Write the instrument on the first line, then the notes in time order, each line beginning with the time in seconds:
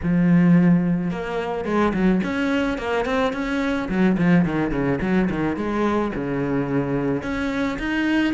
cello
0.03 F3
1.11 A#3
1.64 G#3
1.93 F#3
2.23 C#4
2.78 A#3
3.05 C4
3.32 C#4
3.88 F#3
4.17 F3
4.45 D#3
4.71 C#3
5.01 F#3
5.30 D#3
5.56 G#3
6.15 C#3
7.22 C#4
7.79 D#4